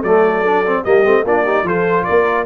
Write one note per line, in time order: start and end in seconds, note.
0.00 0.85 F#3
0.00 0.45 A3
0.00 0.82 A4
0.00 0.84 D5
0.45 0.65 D4
0.67 0.85 C4
0.84 1.05 G3
0.84 1.05 A#3
0.84 1.25 G4
0.84 1.25 D#5
1.05 1.24 A3
1.05 1.25 C4
1.24 1.63 A#3
1.24 1.46 D4
1.24 1.44 F4
1.24 1.68 D5
1.44 1.66 D#4
1.44 1.65 G4
1.63 2.04 F3
1.63 2.46 F4
1.63 2.06 A4
1.63 2.04 C5
2.04 2.46 A#3
2.04 2.46 A#4
2.04 2.45 D5